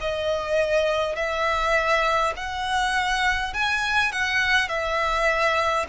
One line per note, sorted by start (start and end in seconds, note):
0.00 1.16 D#5
1.16 2.33 E5
2.36 3.53 F#5
3.53 4.12 G#5
4.12 4.68 F#5
4.68 5.86 E5